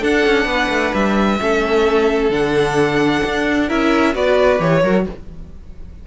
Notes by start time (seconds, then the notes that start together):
0.00 D4 A4 F#5
0.26 C#4
0.45 B3 B4
0.69 A3
0.94 G3 E5
1.40 A3 C#4 A4
2.30 D3 D4 F#5
3.25 D4
3.68 C#4 E4 A#4 E5
4.14 B3 F#4 B4 D5
4.59 E3 G4 C#5
4.83 F#3 F#4 A#4